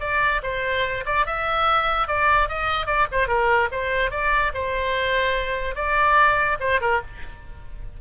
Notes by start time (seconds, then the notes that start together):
0.00 D5
0.43 C5
1.06 D5
1.26 E5
2.08 D5
2.49 D#5
2.86 D5
3.12 C5
3.28 A#4
3.71 C5
4.11 D5
4.54 C5
5.75 D5
6.60 C5
6.81 A#4